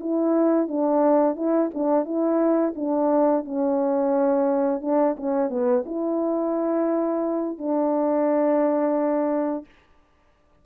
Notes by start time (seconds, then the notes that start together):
0.00 E4
0.67 D4
1.35 E4
1.74 D4
2.04 E4
2.75 D4
3.44 C#4
4.81 D4
5.16 C#4
5.49 B3
5.86 E4
7.58 D4